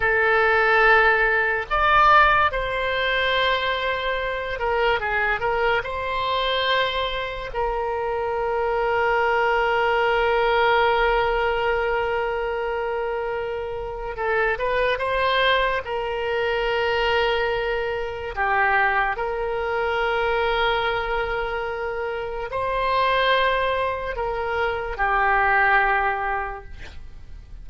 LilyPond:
\new Staff \with { instrumentName = "oboe" } { \time 4/4 \tempo 4 = 72 a'2 d''4 c''4~ | c''4. ais'8 gis'8 ais'8 c''4~ | c''4 ais'2.~ | ais'1~ |
ais'4 a'8 b'8 c''4 ais'4~ | ais'2 g'4 ais'4~ | ais'2. c''4~ | c''4 ais'4 g'2 | }